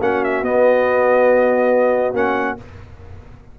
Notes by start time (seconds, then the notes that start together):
0.00 A#3 C#4 F#4 F#5
0.24 E5
0.42 B3 D#5
2.14 A#3 C#4 F#5